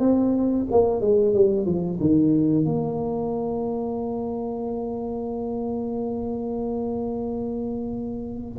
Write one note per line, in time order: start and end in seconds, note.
0.00 0.66 C4
0.71 1.01 A#3
1.01 1.34 G#3
1.34 1.66 G3
1.66 1.99 F3
2.00 2.66 D#3
2.66 8.59 A#3